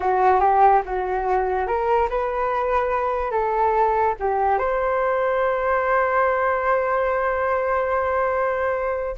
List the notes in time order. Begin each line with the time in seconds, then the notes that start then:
0.00 F#4
0.40 G4
0.85 F#4
1.67 A#4
2.09 B4
3.31 A4
4.19 G4
4.58 C5